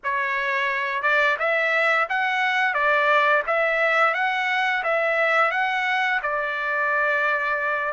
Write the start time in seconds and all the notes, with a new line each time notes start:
0.03 C#5
1.02 D5
1.39 E5
2.09 F#5
2.74 D5
3.47 E5
4.14 F#5
4.83 E5
5.51 F#5
6.22 D5